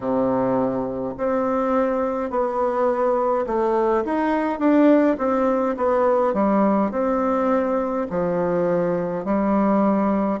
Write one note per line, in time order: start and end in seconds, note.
0.00 1.14 C3
1.17 2.30 C4
2.30 3.45 B3
3.46 4.04 A3
4.04 4.59 D#4
4.59 5.17 D4
5.18 5.75 C4
5.76 6.33 B3
6.33 6.91 G3
6.91 8.06 C4
8.10 9.24 F3
9.24 10.40 G3